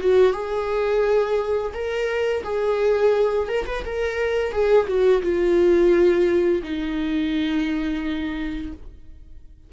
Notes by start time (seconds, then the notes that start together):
0.00 F#4
0.32 G#4
1.73 A#4
2.43 G#4
3.48 A#4
3.66 B4
3.85 A#4
4.52 G#4
4.87 F#4
5.22 F4
6.62 D#4